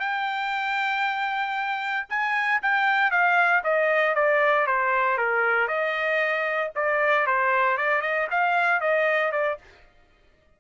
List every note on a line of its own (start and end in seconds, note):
0.00 2.07 G5
2.09 2.61 G#5
2.62 3.11 G5
3.11 3.63 F5
3.64 4.15 D#5
4.15 4.66 D5
4.66 5.17 C5
5.17 5.68 A#4
5.68 6.71 D#5
6.75 7.27 D5
7.27 7.77 C5
7.77 8.01 D5
8.01 8.27 D#5
8.31 8.81 F5
8.81 9.32 D#5
9.32 9.58 D5